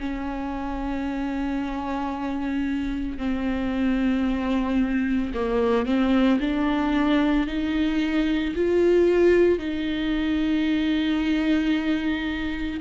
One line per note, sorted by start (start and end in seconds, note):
0.00 3.19 C#4
3.19 5.33 C4
5.35 5.86 A#3
5.86 6.40 C4
6.40 7.48 D4
7.48 8.55 D#4
8.56 9.59 F4
9.59 12.80 D#4